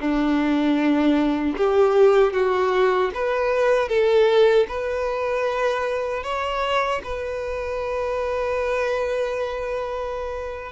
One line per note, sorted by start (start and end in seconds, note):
0.00 1.56 D4
1.57 2.33 G4
2.33 3.11 F#4
3.14 3.89 B4
3.89 4.66 A4
4.68 6.23 B4
6.23 7.01 C#5
7.04 10.72 B4